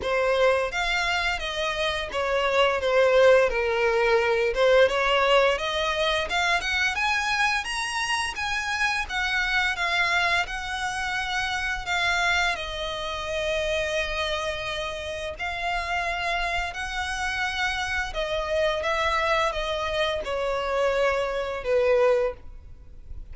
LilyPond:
\new Staff \with { instrumentName = "violin" } { \time 4/4 \tempo 4 = 86 c''4 f''4 dis''4 cis''4 | c''4 ais'4. c''8 cis''4 | dis''4 f''8 fis''8 gis''4 ais''4 | gis''4 fis''4 f''4 fis''4~ |
fis''4 f''4 dis''2~ | dis''2 f''2 | fis''2 dis''4 e''4 | dis''4 cis''2 b'4 | }